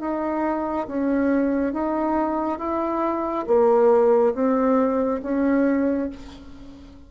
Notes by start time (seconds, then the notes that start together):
0.00 D#4
0.87 C#4
1.73 D#4
2.58 E4
3.47 A#3
4.34 C4
5.23 C#4